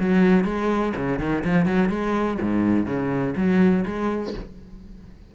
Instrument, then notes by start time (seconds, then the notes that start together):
cello
0.00 F#3
0.45 G#3
0.97 C#3
1.20 D#3
1.45 F3
1.66 F#3
1.90 G#3
2.41 G#2
2.87 C#3
3.37 F#3
3.86 G#3